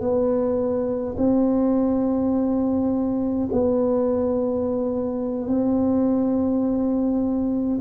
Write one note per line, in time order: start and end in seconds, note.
0.00 1.15 B3
1.17 3.48 C4
3.52 5.48 B3
5.48 7.78 C4